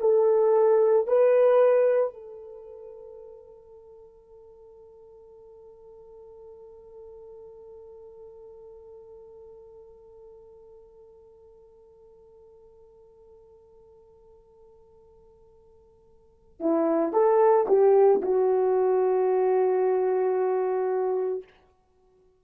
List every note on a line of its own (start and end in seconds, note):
0.00 1.07 A4
1.07 2.13 B4
2.13 16.60 A4
16.60 17.12 E4
17.12 17.66 A4
17.68 18.21 G4
18.22 21.43 F#4